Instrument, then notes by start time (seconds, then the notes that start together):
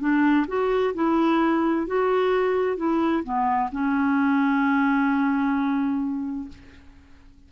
clarinet
0.00 D4
0.48 F#4
0.94 E4
1.87 F#4
2.77 E4
3.23 B3
3.72 C#4